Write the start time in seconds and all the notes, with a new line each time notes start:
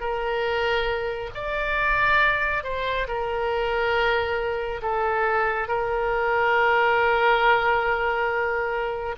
0.00 A#4
1.34 D5
2.64 C5
3.07 A#4
4.82 A4
5.68 A#4